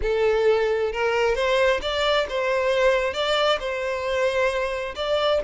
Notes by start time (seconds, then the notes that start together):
0.02 A4
0.92 A#4
1.35 C5
1.81 D5
2.29 C5
3.13 D5
3.59 C5
4.95 D5